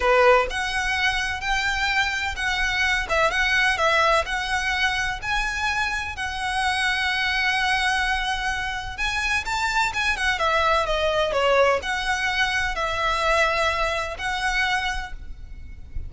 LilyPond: \new Staff \with { instrumentName = "violin" } { \time 4/4 \tempo 4 = 127 b'4 fis''2 g''4~ | g''4 fis''4. e''8 fis''4 | e''4 fis''2 gis''4~ | gis''4 fis''2.~ |
fis''2. gis''4 | a''4 gis''8 fis''8 e''4 dis''4 | cis''4 fis''2 e''4~ | e''2 fis''2 | }